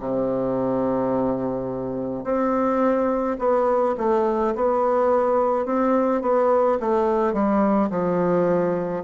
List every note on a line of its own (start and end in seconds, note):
0.00 2.24 C3
2.24 3.38 C4
3.39 3.96 B3
3.98 4.55 A3
4.55 5.66 B3
5.66 6.22 C4
6.22 6.79 B3
6.81 7.34 A3
7.34 7.90 G3
7.91 9.04 F3